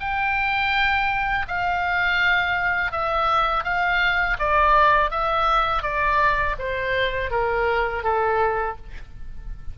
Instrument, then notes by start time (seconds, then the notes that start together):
oboe
0.00 G5
1.48 F5
2.92 E5
3.64 F5
4.39 D5
5.11 E5
5.82 D5
6.59 C5
7.30 A#4
8.04 A4